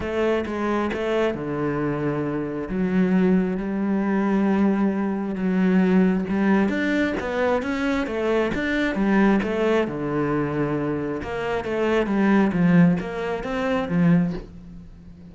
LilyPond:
\new Staff \with { instrumentName = "cello" } { \time 4/4 \tempo 4 = 134 a4 gis4 a4 d4~ | d2 fis2 | g1 | fis2 g4 d'4 |
b4 cis'4 a4 d'4 | g4 a4 d2~ | d4 ais4 a4 g4 | f4 ais4 c'4 f4 | }